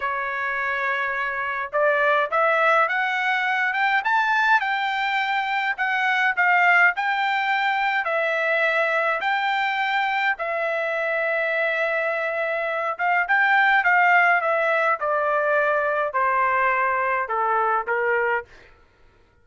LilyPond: \new Staff \with { instrumentName = "trumpet" } { \time 4/4 \tempo 4 = 104 cis''2. d''4 | e''4 fis''4. g''8 a''4 | g''2 fis''4 f''4 | g''2 e''2 |
g''2 e''2~ | e''2~ e''8 f''8 g''4 | f''4 e''4 d''2 | c''2 a'4 ais'4 | }